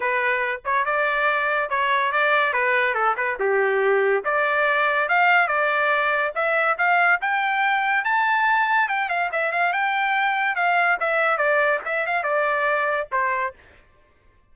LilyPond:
\new Staff \with { instrumentName = "trumpet" } { \time 4/4 \tempo 4 = 142 b'4. cis''8 d''2 | cis''4 d''4 b'4 a'8 b'8 | g'2 d''2 | f''4 d''2 e''4 |
f''4 g''2 a''4~ | a''4 g''8 f''8 e''8 f''8 g''4~ | g''4 f''4 e''4 d''4 | e''8 f''8 d''2 c''4 | }